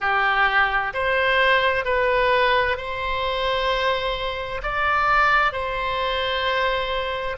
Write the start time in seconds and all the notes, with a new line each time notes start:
0.00 G4
0.93 C5
1.85 B4
2.77 C5
4.62 D5
5.52 C5